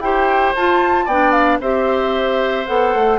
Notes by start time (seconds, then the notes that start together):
0.00 E4 G4 C5 G5
0.56 F4 A5
1.05 B3 D4 D5 G5
1.32 F5
1.61 C4 G4 C5 E5
2.67 B3 A4 F#5
2.95 A3